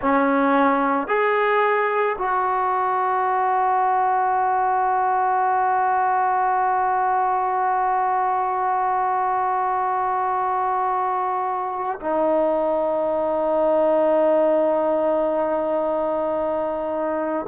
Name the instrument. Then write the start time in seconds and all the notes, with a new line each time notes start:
trombone
0.01 C#4
1.07 G#4
2.18 F#4
12.00 D#4